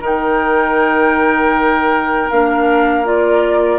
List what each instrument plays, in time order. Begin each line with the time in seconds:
0.00 bassoon D#3, clarinet D#4, oboe A#4
0.06 flute G5
2.30 bassoon A#3, clarinet D4, flute F5
3.05 clarinet F4, flute D5